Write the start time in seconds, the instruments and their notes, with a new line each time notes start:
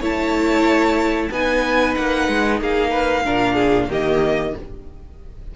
0.00 cello A3, viola E4, violin C#5 A5
1.31 cello B3, viola D#4, violin B4 G#5
1.95 cello A#3, violin F#5
2.28 cello G#3
2.61 cello A#3, violin G#4 F5
2.91 violin B4
3.25 cello A#2, viola D4, violin A#4
3.54 violin G#4
3.89 cello D#3, viola A#3, violin G4 D#5